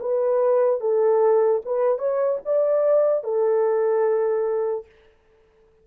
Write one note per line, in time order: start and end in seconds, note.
0.00 0.80 B4
0.80 1.61 A4
1.65 1.98 B4
1.98 2.38 C#5
2.45 3.23 D5
3.23 4.85 A4